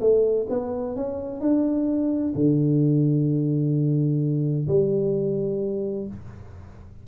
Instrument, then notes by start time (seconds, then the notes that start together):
tuba
0.00 A3
0.49 B3
0.96 C#4
1.40 D4
2.35 D3
4.68 G3